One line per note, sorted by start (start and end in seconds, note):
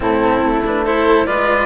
0.00 0.41 A2
0.00 0.61 C4
0.00 0.85 E4
0.00 0.64 A4
0.42 1.26 A3
0.66 0.85 D4
0.66 0.85 B4
0.85 1.26 E4
0.85 1.26 A4
0.85 1.26 C5
1.26 1.66 G#3
1.26 1.66 F4
1.26 1.66 B4
1.26 1.66 D5